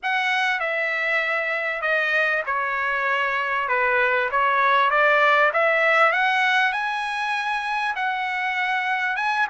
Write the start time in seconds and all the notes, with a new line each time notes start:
0.03 F#5
0.60 E5
1.81 D#5
2.46 C#5
3.68 B4
4.31 C#5
4.90 D5
5.53 E5
6.12 F#5
6.72 G#5
7.95 F#5
9.16 G#5